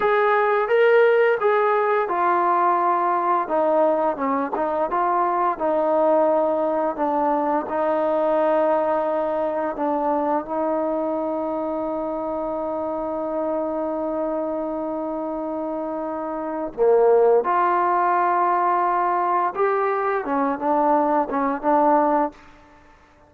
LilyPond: \new Staff \with { instrumentName = "trombone" } { \time 4/4 \tempo 4 = 86 gis'4 ais'4 gis'4 f'4~ | f'4 dis'4 cis'8 dis'8 f'4 | dis'2 d'4 dis'4~ | dis'2 d'4 dis'4~ |
dis'1~ | dis'1 | ais4 f'2. | g'4 cis'8 d'4 cis'8 d'4 | }